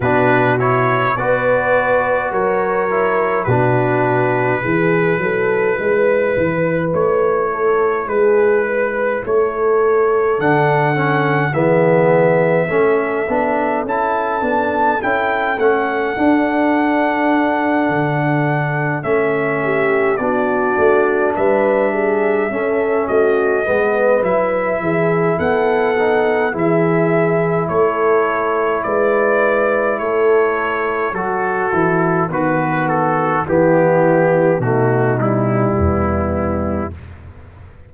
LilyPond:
<<
  \new Staff \with { instrumentName = "trumpet" } { \time 4/4 \tempo 4 = 52 b'8 cis''8 d''4 cis''4 b'4~ | b'2 cis''4 b'4 | cis''4 fis''4 e''2 | a''4 g''8 fis''2~ fis''8~ |
fis''8 e''4 d''4 e''4. | dis''4 e''4 fis''4 e''4 | cis''4 d''4 cis''4 a'4 | b'8 a'8 g'4 fis'8 e'4. | }
  \new Staff \with { instrumentName = "horn" } { \time 4/4 fis'4 b'4 ais'4 fis'4 | gis'8 a'8 b'4. a'8 gis'8 b'8 | a'2 gis'4 a'4~ | a'1~ |
a'4 g'8 fis'4 b'8 gis'8 a'8 | fis'8 b'4 gis'8 a'4 gis'4 | a'4 b'4 a'4 fis'4 | b4 e'4 dis'4 b4 | }
  \new Staff \with { instrumentName = "trombone" } { \time 4/4 d'8 e'8 fis'4. e'8 d'4 | e'1~ | e'4 d'8 cis'8 b4 cis'8 d'8 | e'8 d'8 e'8 cis'8 d'2~ |
d'8 cis'4 d'2 cis'8~ | cis'8 b8 e'4. dis'8 e'4~ | e'2. fis'8 e'8 | fis'4 b4 a8 g4. | }
  \new Staff \with { instrumentName = "tuba" } { \time 4/4 b,4 b4 fis4 b,4 | e8 fis8 gis8 e8 a4 gis4 | a4 d4 e4 a8 b8 | cis'8 b8 cis'8 a8 d'4. d8~ |
d8 a4 b8 a8 g4 cis'8 | a8 gis8 fis8 e8 b4 e4 | a4 gis4 a4 fis8 e8 | dis4 e4 b,4 e,4 | }
>>